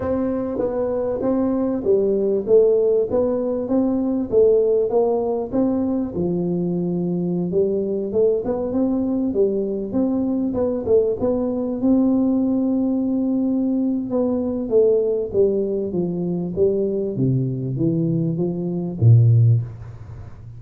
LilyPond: \new Staff \with { instrumentName = "tuba" } { \time 4/4 \tempo 4 = 98 c'4 b4 c'4 g4 | a4 b4 c'4 a4 | ais4 c'4 f2~ | f16 g4 a8 b8 c'4 g8.~ |
g16 c'4 b8 a8 b4 c'8.~ | c'2. b4 | a4 g4 f4 g4 | c4 e4 f4 ais,4 | }